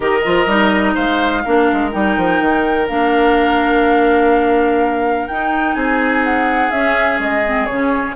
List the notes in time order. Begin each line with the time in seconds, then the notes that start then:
0.00 D#3 G4 A#4 D#5
0.23 F3 F4
0.46 G3 D#4
0.94 G#3 C5 F5
1.44 A#3 D4 A#4
1.72 G#3
1.91 G3 D#4 G5
2.17 F3
2.41 D#3
2.88 A#3 D4 F5
5.27 D#4 G5
5.74 C4 G#4 G#5
6.24 F#5
6.71 C#4 E5
7.19 G#3 D#5
7.44 C4
7.66 C#3 C#4 C#5